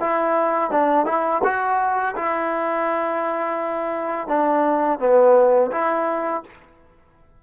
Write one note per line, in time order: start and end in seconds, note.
0.00 0.71 E4
0.71 1.06 D4
1.06 1.42 E4
1.44 2.15 F#4
2.16 4.28 E4
4.28 4.99 D4
5.00 5.71 B3
5.71 6.43 E4